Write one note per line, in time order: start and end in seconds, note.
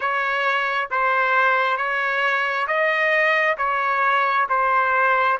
0.00 0.89 C#5
0.90 1.77 C5
1.77 2.66 C#5
2.67 3.56 D#5
3.57 4.47 C#5
4.49 5.39 C5